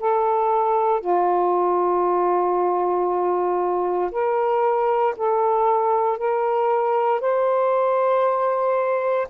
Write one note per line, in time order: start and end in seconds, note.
0.00 1.01 A4
1.01 4.11 F4
4.11 5.15 A#4
5.17 6.18 A4
6.18 7.21 A#4
7.21 9.28 C5